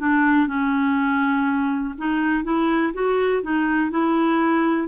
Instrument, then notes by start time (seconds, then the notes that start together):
clarinet
0.00 D4
0.47 C#4
1.99 D#4
2.44 E4
2.94 F#4
3.43 D#4
3.91 E4